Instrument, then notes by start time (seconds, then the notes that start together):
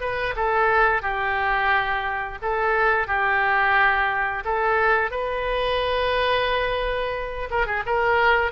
oboe
0.00 B4
0.36 A4
1.02 G4
2.42 A4
3.07 G4
4.45 A4
5.10 B4
7.50 A#4
7.66 G#4
7.86 A#4